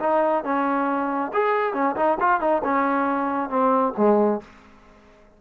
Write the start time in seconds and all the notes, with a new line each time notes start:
0.00 D#4
0.44 C#4
1.33 G#4
1.74 C#4
1.96 D#4
2.20 F4
2.40 D#4
2.64 C#4
3.49 C4
3.97 G#3